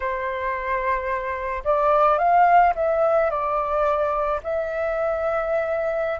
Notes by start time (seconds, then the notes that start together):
0.00 C5
1.64 D5
2.18 F5
2.75 E5
3.30 D5
4.43 E5